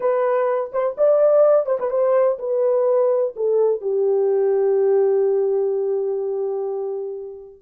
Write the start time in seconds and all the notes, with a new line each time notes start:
0.00 B4
0.72 C5
0.97 D5
1.66 C5
1.79 B4
1.90 C5
2.39 B4
3.36 A4
3.81 G4